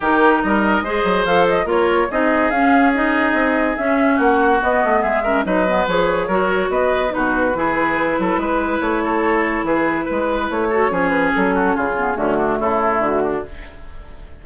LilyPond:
<<
  \new Staff \with { instrumentName = "flute" } { \time 4/4 \tempo 4 = 143 ais'4 dis''2 f''8 dis''8 | cis''4 dis''4 f''4 dis''4~ | dis''4 e''4 fis''4 dis''4 | e''4 dis''4 cis''2 |
dis''4 b'2.~ | b'4 cis''2 b'4~ | b'4 cis''4. b'8 a'4 | gis'4 fis'4 a'4 fis'4 | }
  \new Staff \with { instrumentName = "oboe" } { \time 4/4 g'4 ais'4 c''2 | ais'4 gis'2.~ | gis'2 fis'2 | gis'8 ais'8 b'2 ais'4 |
b'4 fis'4 gis'4. a'8 | b'4. a'4. gis'4 | b'4. a'8 gis'4. fis'8 | f'4 cis'8 d'8 e'4. d'8 | }
  \new Staff \with { instrumentName = "clarinet" } { \time 4/4 dis'2 gis'4 a'4 | f'4 dis'4 cis'4 dis'4~ | dis'4 cis'2 b4~ | b8 cis'8 dis'8 b8 gis'4 fis'4~ |
fis'4 dis'4 e'2~ | e'1~ | e'4. fis'8 cis'2~ | cis'8 b8 a2. | }
  \new Staff \with { instrumentName = "bassoon" } { \time 4/4 dis4 g4 gis8 fis8 f4 | ais4 c'4 cis'2 | c'4 cis'4 ais4 b8 a8 | gis4 fis4 f4 fis4 |
b4 b,4 e4. fis8 | gis4 a2 e4 | gis4 a4 f4 fis4 | cis4 d4 cis4 d4 | }
>>